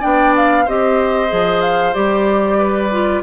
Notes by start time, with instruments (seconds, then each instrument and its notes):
0.00 bassoon B3, clarinet D4, oboe D5, flute G5
0.36 flute F5
0.65 bassoon C4, clarinet G4, oboe C5, flute D#5
1.28 bassoon F3, clarinet G#4
1.61 flute F5
1.94 bassoon G3, clarinet G4, flute D5
2.58 oboe B4
2.91 clarinet F4